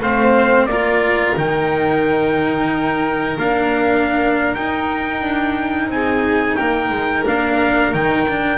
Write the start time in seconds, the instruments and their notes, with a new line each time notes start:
0.00 double bass A3, cello C4, violin C5, trumpet F5
0.66 double bass A#3, cello F4, violin A#4, trumpet D5
1.36 double bass D#3, cello D#4, trumpet G5
3.38 double bass A#3, cello D4, trumpet F5
4.55 double bass D#4, cello D#4, trumpet G5
5.21 double bass D4
5.88 double bass C4, violin G#4, trumpet G#5
6.56 double bass A#3, violin A#4, trumpet G5
6.90 double bass G#3
7.26 double bass A#3, cello D4, trumpet F5
7.93 double bass D#3, cello D#4, trumpet G5
8.29 cello D4